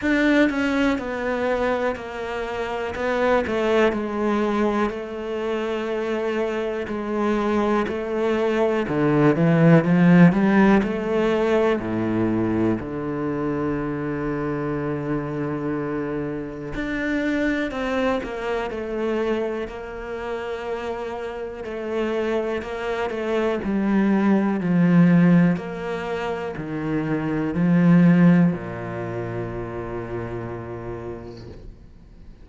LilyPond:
\new Staff \with { instrumentName = "cello" } { \time 4/4 \tempo 4 = 61 d'8 cis'8 b4 ais4 b8 a8 | gis4 a2 gis4 | a4 d8 e8 f8 g8 a4 | a,4 d2.~ |
d4 d'4 c'8 ais8 a4 | ais2 a4 ais8 a8 | g4 f4 ais4 dis4 | f4 ais,2. | }